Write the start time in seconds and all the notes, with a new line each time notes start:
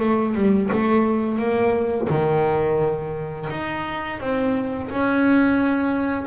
0.00 A3
0.35 G3
0.73 A3
1.39 A#3
2.10 D#3
3.50 D#4
4.20 C4
4.91 C#4